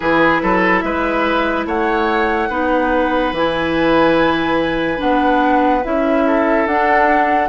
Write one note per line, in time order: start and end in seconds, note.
0.00 0.42 E3
0.00 2.50 E4
0.00 0.42 G#4
0.00 0.80 B4
0.42 0.83 F#3
0.42 0.84 A4
0.80 1.66 G#3
0.80 1.66 B4
0.80 1.63 E5
1.66 2.49 A3
1.66 2.49 C#5
1.66 3.34 F#5
2.49 3.31 B3
2.49 3.34 D#4
2.49 6.24 B4
3.31 4.98 E3
3.31 4.97 E4
3.31 5.00 G#5
4.97 5.84 B3
4.97 5.81 D4
4.97 5.83 F#5
5.84 6.66 C#4
5.84 6.67 E4
5.84 6.66 E5
6.26 7.49 A4
6.66 7.49 D4
6.66 7.49 F#5